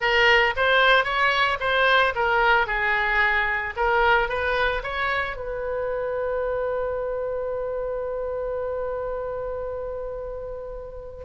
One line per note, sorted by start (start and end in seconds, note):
0.00 0.54 A#4
0.56 1.04 C5
1.04 1.58 C#5
1.59 2.13 C5
2.15 2.66 A#4
2.66 3.74 G#4
3.76 4.28 A#4
4.28 4.82 B4
4.83 5.36 C#5
5.36 11.24 B4